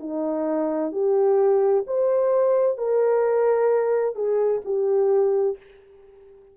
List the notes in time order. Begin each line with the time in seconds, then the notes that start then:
0.00 D#4
0.92 G4
1.87 C5
2.77 A#4
4.15 G#4
4.65 G4